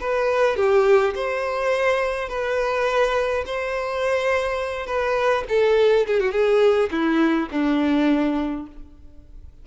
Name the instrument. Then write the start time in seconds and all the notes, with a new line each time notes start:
violin
0.00 B4
0.56 G4
1.15 C5
2.29 B4
3.46 C5
4.86 B4
5.49 A4
6.07 G#4
6.20 F#4
6.31 G#4
6.91 E4
7.51 D4